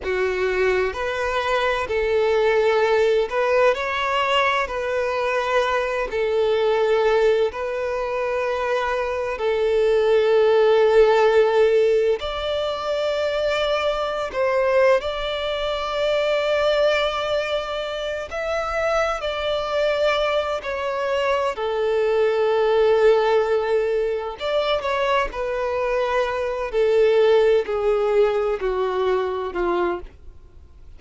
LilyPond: \new Staff \with { instrumentName = "violin" } { \time 4/4 \tempo 4 = 64 fis'4 b'4 a'4. b'8 | cis''4 b'4. a'4. | b'2 a'2~ | a'4 d''2~ d''16 c''8. |
d''2.~ d''8 e''8~ | e''8 d''4. cis''4 a'4~ | a'2 d''8 cis''8 b'4~ | b'8 a'4 gis'4 fis'4 f'8 | }